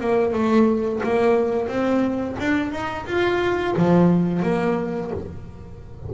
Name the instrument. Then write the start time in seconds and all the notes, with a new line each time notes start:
double bass
0.00 A#3
0.33 A3
1.04 A#3
1.68 C4
2.39 D4
2.71 D#4
3.06 F4
3.77 F3
4.43 A#3